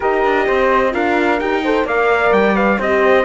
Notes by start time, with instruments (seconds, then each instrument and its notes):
0.00 cello D#4, horn G4, flute A#4, trumpet D#5
0.24 cello D4
0.46 cello C4, flute C5
0.92 cello D4, horn F4, flute A#4, trumpet F5
1.40 cello D#4, horn G4, trumpet G5
1.63 horn A4, flute C5
1.84 cello A#3, horn A#4, flute D5, trumpet F5
2.31 cello G3, trumpet G5
2.55 horn B4, trumpet F5
2.78 cello C4, horn G4, flute C5, trumpet D#5